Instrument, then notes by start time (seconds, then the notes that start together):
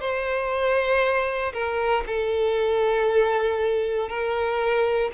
violin
0.00 C5
1.53 A#4
2.06 A4
4.09 A#4